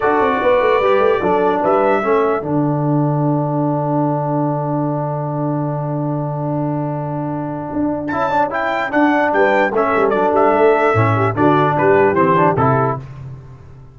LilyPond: <<
  \new Staff \with { instrumentName = "trumpet" } { \time 4/4 \tempo 4 = 148 d''1 | e''2 fis''2~ | fis''1~ | fis''1~ |
fis''1 | a''4 g''4 fis''4 g''4 | e''4 d''8 e''2~ e''8 | d''4 b'4 c''4 a'4 | }
  \new Staff \with { instrumentName = "horn" } { \time 4/4 a'4 b'2 a'4 | b'4 a'2.~ | a'1~ | a'1~ |
a'1~ | a'2. b'4 | a'2.~ a'8 g'8 | fis'4 g'2. | }
  \new Staff \with { instrumentName = "trombone" } { \time 4/4 fis'2 g'4 d'4~ | d'4 cis'4 d'2~ | d'1~ | d'1~ |
d'1 | e'8 d'8 e'4 d'2 | cis'4 d'2 cis'4 | d'2 c'8 d'8 e'4 | }
  \new Staff \with { instrumentName = "tuba" } { \time 4/4 d'8 c'8 b8 a8 g8 a8 fis4 | g4 a4 d2~ | d1~ | d1~ |
d2. d'4 | cis'2 d'4 g4 | a8 g8 fis8 g8 a4 a,4 | d4 g4 e4 c4 | }
>>